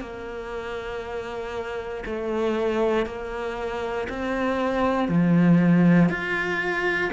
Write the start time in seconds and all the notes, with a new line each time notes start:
0.00 A#3
2.05 A3
3.06 A#3
4.09 C4
5.08 F3
6.09 F4